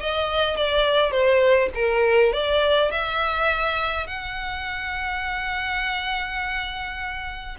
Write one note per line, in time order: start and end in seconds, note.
0.00 0.56 D#5
0.56 1.11 D5
1.11 1.69 C5
1.75 2.33 A#4
2.33 2.91 D5
2.91 4.07 E5
4.07 7.56 F#5